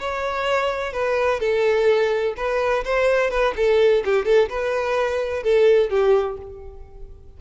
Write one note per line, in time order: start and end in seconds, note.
0.00 0.93 C#5
0.93 1.40 B4
1.40 2.35 A4
2.37 2.84 B4
2.85 3.30 C5
3.30 3.54 B4
3.57 4.04 A4
4.05 4.25 G4
4.25 4.49 A4
4.49 5.44 B4
5.44 5.90 A4
5.90 6.38 G4